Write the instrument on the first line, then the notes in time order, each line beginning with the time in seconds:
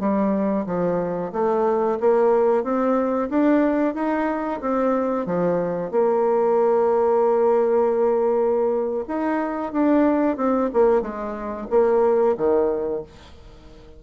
bassoon
0.00 G3
0.66 F3
1.33 A3
2.00 A#3
2.64 C4
3.30 D4
3.94 D#4
4.61 C4
5.26 F3
5.91 A#3
9.08 D#4
9.73 D4
10.37 C4
10.74 A#3
11.02 G#3
11.70 A#3
12.37 D#3